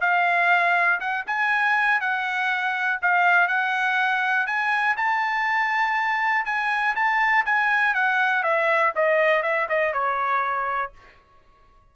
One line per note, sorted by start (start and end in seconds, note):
0.00 0.99 F5
1.00 1.25 F#5
1.26 2.00 G#5
2.00 2.99 F#5
3.02 3.47 F5
3.47 4.46 F#5
4.46 4.96 G#5
4.96 6.45 A5
6.45 6.95 G#5
6.95 7.45 A5
7.45 7.94 G#5
7.94 8.43 F#5
8.43 8.92 E5
8.95 9.42 D#5
9.42 9.67 E5
9.69 9.93 D#5
9.93 10.92 C#5